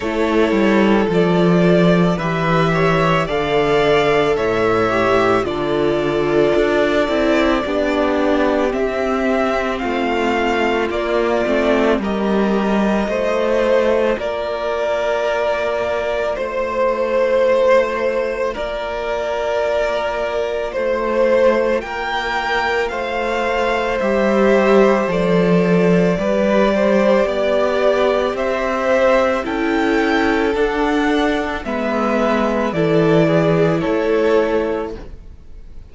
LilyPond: <<
  \new Staff \with { instrumentName = "violin" } { \time 4/4 \tempo 4 = 55 cis''4 d''4 e''4 f''4 | e''4 d''2. | e''4 f''4 d''4 dis''4~ | dis''4 d''2 c''4~ |
c''4 d''2 c''4 | g''4 f''4 e''4 d''4~ | d''2 e''4 g''4 | fis''4 e''4 d''4 cis''4 | }
  \new Staff \with { instrumentName = "violin" } { \time 4/4 a'2 b'8 cis''8 d''4 | cis''4 a'2 g'4~ | g'4 f'2 ais'4 | c''4 ais'2 c''4~ |
c''4 ais'2 c''4 | ais'4 c''2. | b'8 c''8 d''4 c''4 a'4~ | a'4 b'4 a'8 gis'8 a'4 | }
  \new Staff \with { instrumentName = "viola" } { \time 4/4 e'4 f'4 g'4 a'4~ | a'8 g'8 f'4. e'8 d'4 | c'2 ais8 c'8 g'4 | f'1~ |
f'1~ | f'2 g'4 a'4 | g'2. e'4 | d'4 b4 e'2 | }
  \new Staff \with { instrumentName = "cello" } { \time 4/4 a8 g8 f4 e4 d4 | a,4 d4 d'8 c'8 b4 | c'4 a4 ais8 a8 g4 | a4 ais2 a4~ |
a4 ais2 a4 | ais4 a4 g4 f4 | g4 b4 c'4 cis'4 | d'4 gis4 e4 a4 | }
>>